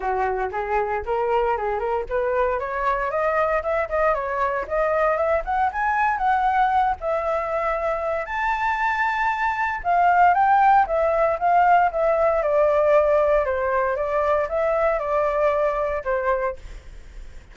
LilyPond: \new Staff \with { instrumentName = "flute" } { \time 4/4 \tempo 4 = 116 fis'4 gis'4 ais'4 gis'8 ais'8 | b'4 cis''4 dis''4 e''8 dis''8 | cis''4 dis''4 e''8 fis''8 gis''4 | fis''4. e''2~ e''8 |
a''2. f''4 | g''4 e''4 f''4 e''4 | d''2 c''4 d''4 | e''4 d''2 c''4 | }